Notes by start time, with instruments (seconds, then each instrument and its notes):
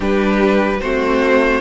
0.00 cello G3, viola D4, violin G4 B4
0.81 cello A3, viola C4, violin F#4 C5